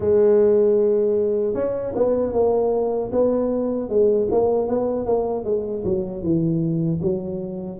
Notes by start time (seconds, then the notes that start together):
0.00 G#3
1.54 C#4
1.95 B3
2.33 A#3
3.12 B3
3.89 G#3
4.31 A#3
4.68 B3
5.06 A#3
5.44 G#3
5.84 F#3
6.22 E3
7.02 F#3